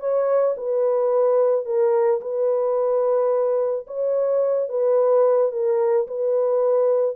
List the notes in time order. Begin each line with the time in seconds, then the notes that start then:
0.00 C#5
0.58 B4
1.66 A#4
2.21 B4
3.88 C#5
4.69 B4
5.52 A#4
6.08 B4